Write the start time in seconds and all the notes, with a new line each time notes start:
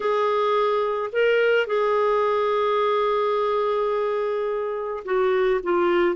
0.00 G#4
1.12 A#4
1.67 G#4
5.04 F#4
5.63 F4